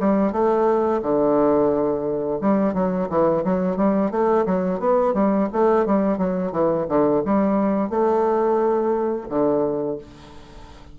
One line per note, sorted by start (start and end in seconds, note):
0.00 0.32 G3
0.32 1.01 A3
1.02 2.40 D3
2.41 2.74 G3
2.74 3.08 F#3
3.10 3.44 E3
3.44 3.76 F#3
3.76 4.11 G3
4.11 4.46 A3
4.46 4.79 F#3
4.79 5.14 B3
5.14 5.49 G3
5.53 5.86 A3
5.86 6.18 G3
6.18 6.52 F#3
6.52 6.87 E3
6.89 7.23 D3
7.25 7.90 G3
7.90 9.28 A3
9.29 9.98 D3